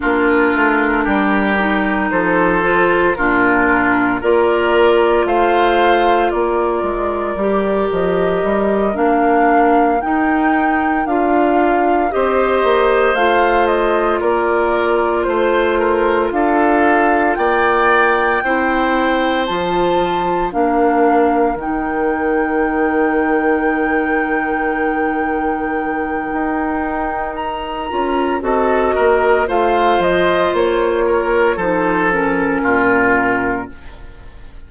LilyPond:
<<
  \new Staff \with { instrumentName = "flute" } { \time 4/4 \tempo 4 = 57 ais'2 c''4 ais'4 | d''4 f''4 d''4. dis''8~ | dis''8 f''4 g''4 f''4 dis''8~ | dis''8 f''8 dis''8 d''4 c''4 f''8~ |
f''8 g''2 a''4 f''8~ | f''8 g''2.~ g''8~ | g''2 ais''4 dis''4 | f''8 dis''8 cis''4 c''8 ais'4. | }
  \new Staff \with { instrumentName = "oboe" } { \time 4/4 f'4 g'4 a'4 f'4 | ais'4 c''4 ais'2~ | ais'2.~ ais'8 c''8~ | c''4. ais'4 c''8 ais'8 a'8~ |
a'8 d''4 c''2 ais'8~ | ais'1~ | ais'2. a'8 ais'8 | c''4. ais'8 a'4 f'4 | }
  \new Staff \with { instrumentName = "clarinet" } { \time 4/4 d'4. dis'4 f'8 d'4 | f'2. g'4~ | g'8 d'4 dis'4 f'4 g'8~ | g'8 f'2.~ f'8~ |
f'4. e'4 f'4 d'8~ | d'8 dis'2.~ dis'8~ | dis'2~ dis'8 f'8 fis'4 | f'2 dis'8 cis'4. | }
  \new Staff \with { instrumentName = "bassoon" } { \time 4/4 ais8 a8 g4 f4 ais,4 | ais4 a4 ais8 gis8 g8 f8 | g8 ais4 dis'4 d'4 c'8 | ais8 a4 ais4 a4 d'8~ |
d'8 ais4 c'4 f4 ais8~ | ais8 dis2.~ dis8~ | dis4 dis'4. cis'8 c'8 ais8 | a8 f8 ais4 f4 ais,4 | }
>>